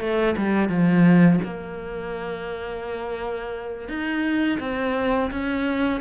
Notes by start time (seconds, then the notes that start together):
0.00 A3
0.37 G3
0.69 F3
1.44 A#3
3.88 D#4
4.60 C4
5.31 C#4